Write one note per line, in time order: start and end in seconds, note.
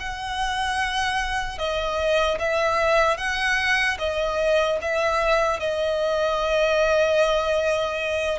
0.00 1.58 F#5
1.58 2.38 D#5
2.39 3.18 E5
3.18 3.98 F#5
3.99 4.79 D#5
4.81 5.60 E5
5.60 8.39 D#5